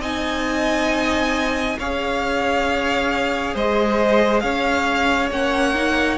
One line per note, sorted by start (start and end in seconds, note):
0.00 1.76 C4
0.00 1.77 D#4
0.00 1.76 D#5
0.00 1.78 G#5
1.79 3.55 C#4
1.79 5.32 G#4
1.79 3.54 C#5
1.79 3.56 F5
3.54 4.43 G#3
3.54 4.42 C5
3.54 4.40 D#5
4.40 5.31 C#4
4.40 6.18 C#5
4.40 5.28 F5
5.31 6.18 A#3
5.31 5.75 C#4
5.31 6.18 F#5
5.75 6.18 D#4